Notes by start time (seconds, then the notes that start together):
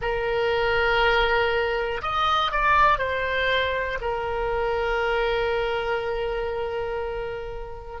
0.01 A#4
2.02 D#5
2.51 D5
2.98 C5
4.00 A#4